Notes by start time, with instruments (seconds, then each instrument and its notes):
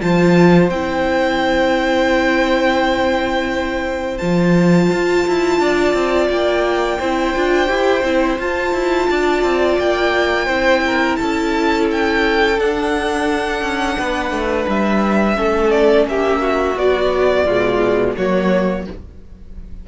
0.00 cello F3, viola F4, violin C5 A5
0.69 cello C4, viola E4, violin G5
4.17 cello F3, viola F4, violin A5
4.91 cello F4
5.27 cello E4
5.59 cello D4, violin D5
5.93 cello C4
6.29 cello A#3, violin G5
6.99 cello C4, viola E4, violin C5
7.35 cello D4, viola F4
7.67 cello E4, viola G4
8.03 cello C4, viola E4
8.38 cello F4, viola F4, violin A5
8.73 cello E4
9.10 cello D4, violin D5
9.42 cello C4
9.78 cello A#3, violin G5
10.45 cello C4, viola E4, violin C5
10.86 violin A#4
11.16 cello C#4, violin A4 A5
11.91 violin G5
12.57 viola D4, cello D4, violin F#5
13.61 cello C#4
13.98 cello B3, violin B4
14.30 cello A3
14.68 cello G3, violin E5
15.34 cello A3, viola C#4, violin A4
15.70 violin D5
16.06 cello A#3, violin G4 E5
16.41 violin F#4
16.75 viola F#3, cello B3, violin D5
17.45 cello B2, viola G#3, violin F4
18.16 cello F#3, viola A#3, violin F#4 C#5